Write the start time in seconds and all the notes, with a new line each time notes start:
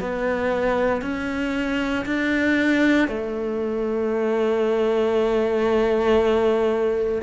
0.00 B3
1.02 C#4
2.06 D4
3.08 A3